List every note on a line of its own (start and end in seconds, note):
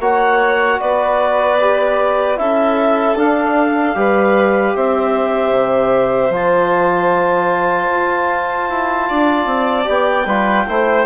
0.00 0.79 A#3
0.00 1.59 F#4
0.00 0.80 C#5
0.00 0.81 F#5
0.81 2.38 B3
0.81 2.39 B4
0.81 2.38 D5
1.61 2.37 G4
2.37 3.16 C#4
2.37 3.16 E4
2.37 3.98 A4
2.37 3.17 E5
3.16 3.95 D4
3.16 4.75 F5
3.95 4.75 G3
3.95 6.32 G4
3.95 4.76 B4
4.75 5.51 C4
4.75 9.09 C5
4.75 6.33 E5
5.51 6.30 C3
6.30 7.88 F3
6.30 9.85 F4
6.30 9.90 A5
7.92 8.70 F4
8.70 9.09 E4
9.09 9.46 D4
9.09 10.27 D5
9.46 9.86 C4
9.85 10.26 B3
9.85 10.25 G4
9.85 11.06 G5
10.26 10.66 G3
10.26 10.67 F4
10.26 10.66 B4
10.67 11.06 A3
10.67 11.06 E4
10.67 11.06 C5